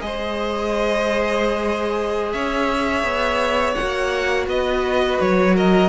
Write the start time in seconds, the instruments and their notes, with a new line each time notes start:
0.00 cello G#3, viola G#4, violin C5 D#5
2.33 cello C#4, violin C#5 E5
3.04 cello B3
3.75 viola F#4, violin F#5
3.82 cello A#3
4.47 cello B3, violin B4 D#5
5.21 cello F#3, violin C#5
5.55 violin A#4 D#5